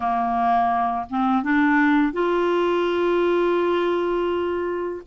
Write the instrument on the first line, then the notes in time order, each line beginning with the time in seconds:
clarinet
0.00 A#3
1.09 C4
1.43 D4
2.13 F4